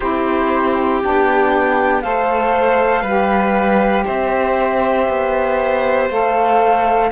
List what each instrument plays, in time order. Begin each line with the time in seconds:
0.00 cello C4, saxophone E4, violin G4, flute C5
1.01 cello B3, saxophone D4, flute G5
2.01 cello A3, saxophone A4, violin C5, flute F5
3.02 cello G3, saxophone G4, violin B4
4.04 cello C4, violin C5, flute E5
5.08 cello B3
6.09 cello A3, saxophone A4, flute F5